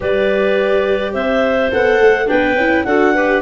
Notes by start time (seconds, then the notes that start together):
0.00 G3 G4 B4 D5
1.12 C4 C5 E5
1.70 B3 A4 F#5
2.00 A3
2.26 B3 D4 B4 G5
2.55 C#4 E4
2.84 D4 F#4 A4 F#5
3.13 G4 B4